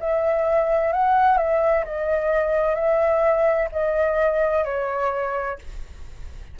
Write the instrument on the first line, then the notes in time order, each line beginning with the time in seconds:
flute
0.00 E5
0.93 F#5
1.38 E5
1.85 D#5
2.75 E5
3.72 D#5
4.65 C#5